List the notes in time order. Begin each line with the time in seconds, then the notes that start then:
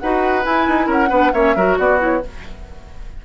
0.00 D#4 F#4 B4 F#5
0.43 E4 G#5
0.69 D#4
0.87 C#4 A#4 F#5
1.10 B3 D4 B4
1.34 A#3 C#4 C#5 E5
1.56 F#3 F#4 A#4
1.79 B3 F#4 D5
1.99 E4 C#5